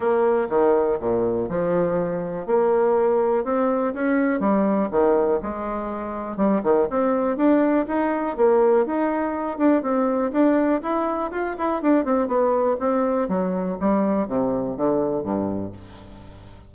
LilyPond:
\new Staff \with { instrumentName = "bassoon" } { \time 4/4 \tempo 4 = 122 ais4 dis4 ais,4 f4~ | f4 ais2 c'4 | cis'4 g4 dis4 gis4~ | gis4 g8 dis8 c'4 d'4 |
dis'4 ais4 dis'4. d'8 | c'4 d'4 e'4 f'8 e'8 | d'8 c'8 b4 c'4 fis4 | g4 c4 d4 g,4 | }